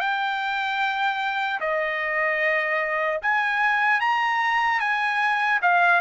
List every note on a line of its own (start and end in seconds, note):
0.00 1.60 G5
1.60 3.20 D#5
3.22 4.00 G#5
4.00 4.80 A#5
4.80 5.60 G#5
5.62 6.01 F5